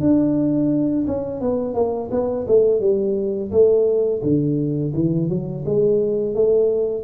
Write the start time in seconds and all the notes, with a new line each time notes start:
0.00 D4
1.07 C#4
1.41 B3
1.74 A#3
2.11 B3
2.47 A3
2.80 G3
3.51 A3
4.23 D3
4.94 E3
5.29 F#3
5.66 G#3
6.35 A3